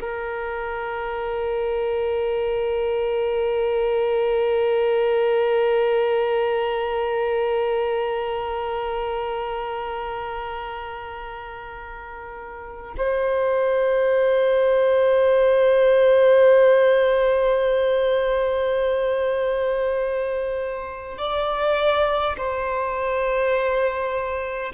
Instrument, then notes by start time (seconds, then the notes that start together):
violin
0.00 A#4
12.97 C5
21.18 D5
22.37 C5